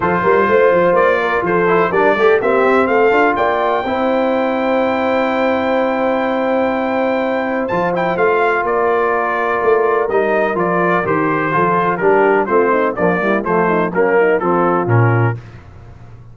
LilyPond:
<<
  \new Staff \with { instrumentName = "trumpet" } { \time 4/4 \tempo 4 = 125 c''2 d''4 c''4 | d''4 e''4 f''4 g''4~ | g''1~ | g''1 |
a''8 g''8 f''4 d''2~ | d''4 dis''4 d''4 c''4~ | c''4 ais'4 c''4 d''4 | c''4 ais'4 a'4 ais'4 | }
  \new Staff \with { instrumentName = "horn" } { \time 4/4 a'8 ais'8 c''4. ais'8 a'4 | ais'8 a'8 g'4 a'4 d''4 | c''1~ | c''1~ |
c''2 ais'2~ | ais'1 | a'4 g'4 f'8 dis'8 d'8 e'8 | f'8 dis'8 cis'8 dis'8 f'2 | }
  \new Staff \with { instrumentName = "trombone" } { \time 4/4 f'2.~ f'8 e'8 | d'8 g'8 c'4. f'4. | e'1~ | e'1 |
f'8 e'8 f'2.~ | f'4 dis'4 f'4 g'4 | f'4 d'4 c'4 f8 g8 | a4 ais4 c'4 cis'4 | }
  \new Staff \with { instrumentName = "tuba" } { \time 4/4 f8 g8 a8 f8 ais4 f4 | g8 a8 ais8 c'8 a8 d'8 ais4 | c'1~ | c'1 |
f4 a4 ais2 | a4 g4 f4 dis4 | f4 g4 a4 ais4 | f4 fis4 f4 ais,4 | }
>>